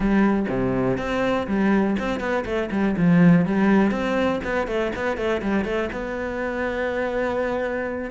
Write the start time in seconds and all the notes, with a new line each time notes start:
0.00 G3
0.48 C3
0.97 C4
1.47 G3
1.99 C4
2.20 B3
2.45 A3
2.71 G3
2.96 F3
3.45 G3
3.91 C4
4.44 B3
4.67 A3
4.95 B3
5.17 A3
5.42 G3
5.64 A3
5.92 B3